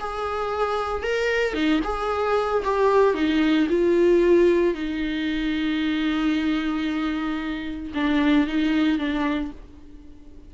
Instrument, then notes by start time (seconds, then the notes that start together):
viola
0.00 G#4
1.03 A#4
1.54 D#4
1.84 G#4
2.65 G4
3.14 D#4
3.70 F4
4.74 D#4
7.95 D4
8.47 D#4
8.99 D4